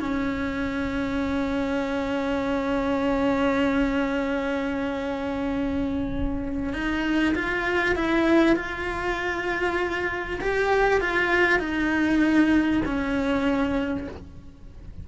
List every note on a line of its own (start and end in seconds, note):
0.00 6.73 C#4
6.73 7.34 D#4
7.35 7.96 F4
7.96 8.56 E4
8.56 10.40 F4
10.41 11.01 G4
11.01 11.59 F4
11.59 12.82 D#4
12.85 14.08 C#4